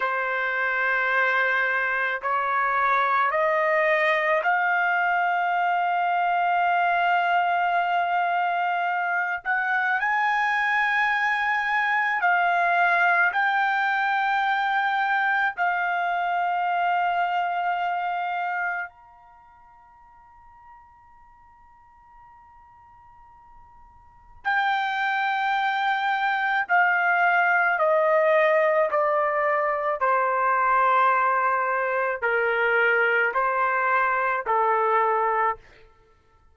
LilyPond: \new Staff \with { instrumentName = "trumpet" } { \time 4/4 \tempo 4 = 54 c''2 cis''4 dis''4 | f''1~ | f''8 fis''8 gis''2 f''4 | g''2 f''2~ |
f''4 ais''2.~ | ais''2 g''2 | f''4 dis''4 d''4 c''4~ | c''4 ais'4 c''4 a'4 | }